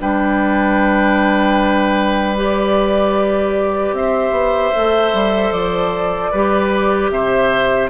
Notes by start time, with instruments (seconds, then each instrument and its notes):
0.00 bassoon G3, clarinet D4, oboe B4, flute G5
2.36 clarinet G4, flute D5
3.92 bassoon C4, oboe C5, flute E5
4.30 bassoon B3
4.75 bassoon A3, clarinet A4
5.13 bassoon G3
5.51 bassoon F3, flute D5
6.31 bassoon G3, clarinet G4, oboe B4
7.10 bassoon C3, oboe C5, flute E5